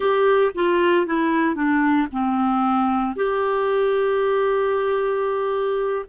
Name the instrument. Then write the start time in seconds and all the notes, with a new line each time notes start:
clarinet
0.00 G4
0.55 F4
1.06 E4
1.55 D4
2.11 C4
3.16 G4